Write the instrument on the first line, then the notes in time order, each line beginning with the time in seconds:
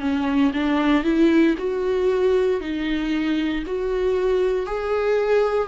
viola
0.00 C#4
0.54 D4
1.03 E4
1.58 F#4
2.61 D#4
3.66 F#4
4.66 G#4